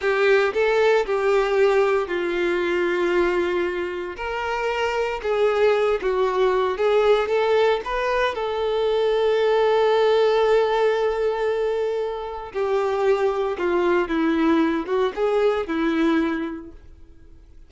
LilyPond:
\new Staff \with { instrumentName = "violin" } { \time 4/4 \tempo 4 = 115 g'4 a'4 g'2 | f'1 | ais'2 gis'4. fis'8~ | fis'4 gis'4 a'4 b'4 |
a'1~ | a'1 | g'2 f'4 e'4~ | e'8 fis'8 gis'4 e'2 | }